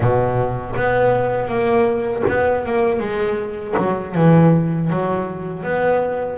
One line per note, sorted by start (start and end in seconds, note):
0.00 0.74 B2
0.76 1.48 B3
1.48 2.23 A#3
2.28 2.65 B3
2.65 2.99 A#3
2.99 3.74 G#3
3.77 4.15 F#3
4.15 4.90 E3
4.90 5.63 F#3
5.63 6.38 B3